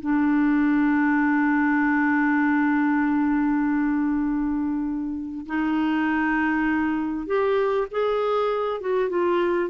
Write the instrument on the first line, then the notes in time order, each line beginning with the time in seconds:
clarinet
0.00 D4
5.46 D#4
7.26 G4
7.91 G#4
8.80 F#4
9.09 F4